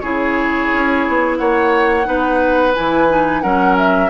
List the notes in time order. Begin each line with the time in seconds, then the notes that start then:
0.00 C#3 E4 G#4 C#5
0.73 C#4
1.08 B3
1.37 A#3 C#5 F#5
2.04 B3 D#4 B4
2.74 E3 E4 G#5
3.08 D#4
3.42 F#3 C#4 A#4 F#5
3.78 E5